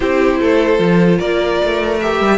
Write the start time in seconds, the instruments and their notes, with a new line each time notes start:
0.00 cello C4, viola E4, violin G4 C5
0.39 cello A3, violin A4
0.78 cello F3, viola F4
1.18 cello A#3, violin A#4 D5
1.64 cello A3
2.00 viola G4, violin E5
2.21 cello G3